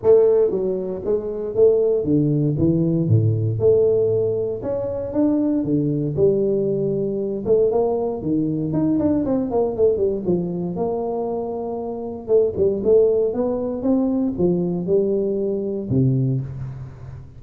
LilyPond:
\new Staff \with { instrumentName = "tuba" } { \time 4/4 \tempo 4 = 117 a4 fis4 gis4 a4 | d4 e4 a,4 a4~ | a4 cis'4 d'4 d4 | g2~ g8 a8 ais4 |
dis4 dis'8 d'8 c'8 ais8 a8 g8 | f4 ais2. | a8 g8 a4 b4 c'4 | f4 g2 c4 | }